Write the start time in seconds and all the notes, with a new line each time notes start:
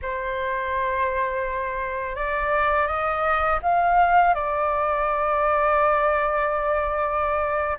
0.02 C5
2.15 D5
2.87 D#5
3.62 F5
4.34 D5